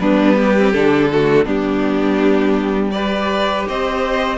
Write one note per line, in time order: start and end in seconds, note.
0.00 0.74 G3
0.00 0.56 B3
0.00 0.35 D4
0.00 0.72 B4
0.35 1.08 G4
0.58 0.74 C4
0.72 1.46 D3
0.72 1.10 D4
0.72 1.45 A4
1.12 1.45 A3
1.12 1.45 F#4
1.45 3.66 G3
1.45 2.92 B3
1.45 2.91 D4
1.45 2.91 G4
2.91 4.38 G4
2.91 3.68 B4
2.91 3.64 D5
3.68 4.38 C4
3.68 4.38 C5
3.68 4.38 D#5